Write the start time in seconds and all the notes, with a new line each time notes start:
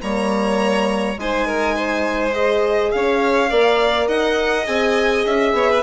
0.00 G3 A#3 C#5 A#5
1.16 G#3 D#4 C5 G#5
1.47 A#4
1.75 C5
2.32 G#4 D#5
2.91 C#4 C#5 F5
3.50 A#3 A#4 D5
4.07 D#4 D#5 F#5
4.66 C4 G#4 G#5
5.25 C#4 E5
5.52 B3 C#5
5.70 B4